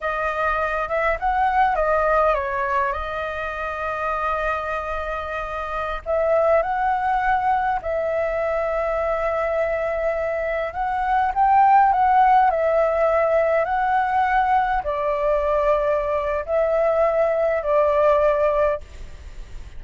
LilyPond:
\new Staff \with { instrumentName = "flute" } { \time 4/4 \tempo 4 = 102 dis''4. e''8 fis''4 dis''4 | cis''4 dis''2.~ | dis''2~ dis''16 e''4 fis''8.~ | fis''4~ fis''16 e''2~ e''8.~ |
e''2~ e''16 fis''4 g''8.~ | g''16 fis''4 e''2 fis''8.~ | fis''4~ fis''16 d''2~ d''8. | e''2 d''2 | }